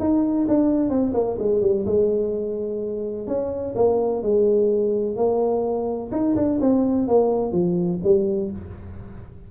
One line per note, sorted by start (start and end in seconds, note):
0.00 0.47 D#4
0.48 0.90 D4
0.90 1.14 C4
1.14 1.38 A#3
1.39 1.62 G#3
1.62 1.86 G3
1.86 3.27 G#3
3.27 3.75 C#4
3.76 4.23 A#3
4.23 5.16 G#3
5.16 6.11 A#3
6.12 6.36 D#4
6.36 6.59 D4
6.61 7.08 C4
7.08 7.53 A#3
7.53 8.00 F3
8.04 8.51 G3